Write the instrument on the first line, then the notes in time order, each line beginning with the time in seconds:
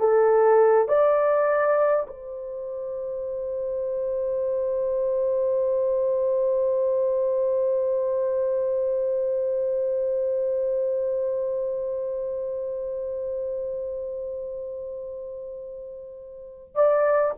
horn
0.00 A4
0.89 D5
2.07 C5
16.75 D5